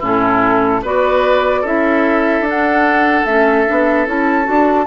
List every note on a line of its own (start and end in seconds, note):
0.00 0.83 A2
0.00 0.82 C#4
0.00 0.81 E4
0.00 0.85 A4
0.83 1.64 B3
0.83 1.65 F#4
0.83 1.62 B4
0.83 1.66 D5
1.62 2.41 C#4
1.62 2.46 E4
1.62 4.86 A4
1.62 2.47 E5
2.41 3.22 D4
2.41 3.27 D4
2.49 3.26 F#5
3.26 3.66 A3
3.26 3.67 C#4
3.26 4.07 E5
3.67 4.07 B3
3.67 4.07 D4
4.07 4.48 C#4
4.07 4.44 E4
4.07 4.87 A5
4.44 4.87 D4
4.44 4.85 F#4